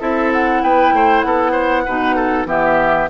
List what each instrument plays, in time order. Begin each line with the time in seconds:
0.00 bassoon C4, clarinet E4, oboe A4, flute E5
0.32 flute F#5
0.62 bassoon B3, oboe B4, flute G5
0.93 bassoon A3, oboe C5
1.22 bassoon B3, oboe A4, flute F#5
1.51 oboe C5
1.86 bassoon B2, clarinet D#4, oboe B4
2.16 oboe A4
2.45 bassoon E3, clarinet B3, oboe G4, flute E5